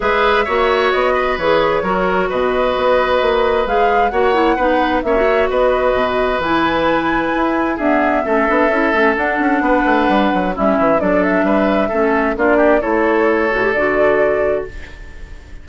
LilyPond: <<
  \new Staff \with { instrumentName = "flute" } { \time 4/4 \tempo 4 = 131 e''2 dis''4 cis''4~ | cis''4 dis''2. | f''4 fis''2 e''4 | dis''2 gis''2~ |
gis''4 e''2. | fis''2. e''4 | d''8 e''2~ e''8 d''4 | cis''2 d''2 | }
  \new Staff \with { instrumentName = "oboe" } { \time 4/4 b'4 cis''4. b'4. | ais'4 b'2.~ | b'4 cis''4 b'4 cis''4 | b'1~ |
b'4 gis'4 a'2~ | a'4 b'2 e'4 | a'4 b'4 a'4 f'8 g'8 | a'1 | }
  \new Staff \with { instrumentName = "clarinet" } { \time 4/4 gis'4 fis'2 gis'4 | fis'1 | gis'4 fis'8 e'8 dis'4 cis'16 fis'8.~ | fis'2 e'2~ |
e'4 b4 cis'8 d'8 e'8 cis'8 | d'2. cis'4 | d'2 cis'4 d'4 | e'4. fis'16 g'16 fis'2 | }
  \new Staff \with { instrumentName = "bassoon" } { \time 4/4 gis4 ais4 b4 e4 | fis4 b,4 b4 ais4 | gis4 ais4 b4 ais4 | b4 b,4 e2 |
e'4 d'4 a8 b8 cis'8 a8 | d'8 cis'8 b8 a8 g8 fis8 g8 e8 | fis4 g4 a4 ais4 | a4. a,8 d2 | }
>>